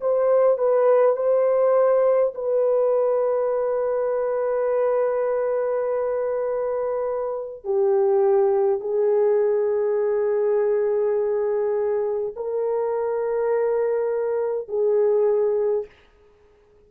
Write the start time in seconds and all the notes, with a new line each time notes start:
0.00 C5
0.58 B4
1.16 C5
2.34 B4
7.64 G4
8.80 G#4
12.35 A#4
14.67 G#4